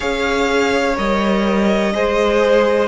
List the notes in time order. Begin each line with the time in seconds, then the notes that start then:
0.00 C#4 G#4 C#5 F5
0.96 G3 A#4 D#5
1.93 G#3 G#4 C5